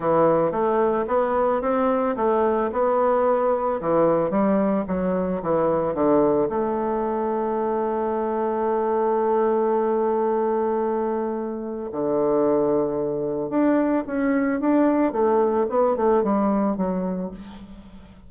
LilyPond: \new Staff \with { instrumentName = "bassoon" } { \time 4/4 \tempo 4 = 111 e4 a4 b4 c'4 | a4 b2 e4 | g4 fis4 e4 d4 | a1~ |
a1~ | a2 d2~ | d4 d'4 cis'4 d'4 | a4 b8 a8 g4 fis4 | }